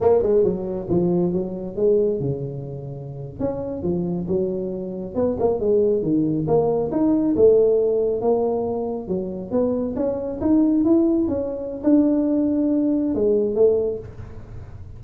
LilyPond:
\new Staff \with { instrumentName = "tuba" } { \time 4/4 \tempo 4 = 137 ais8 gis8 fis4 f4 fis4 | gis4 cis2~ cis8. cis'16~ | cis'8. f4 fis2 b16~ | b16 ais8 gis4 dis4 ais4 dis'16~ |
dis'8. a2 ais4~ ais16~ | ais8. fis4 b4 cis'4 dis'16~ | dis'8. e'4 cis'4~ cis'16 d'4~ | d'2 gis4 a4 | }